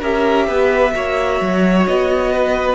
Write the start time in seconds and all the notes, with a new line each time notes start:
0.00 C#4 G4 A#4 E5
0.47 B3 B4
0.92 A#3 F#4 C#5
1.41 F#3
1.87 B3 D#5
2.32 B4